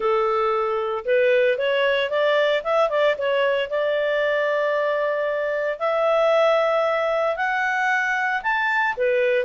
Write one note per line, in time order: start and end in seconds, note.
0.00 1.04 A4
1.05 1.58 B4
1.58 2.10 C#5
2.10 2.62 D5
2.63 2.89 E5
2.89 3.15 D5
3.18 3.69 C#5
3.69 5.79 D5
5.79 7.36 E5
7.36 8.41 F#5
8.42 8.95 A5
8.97 9.45 B4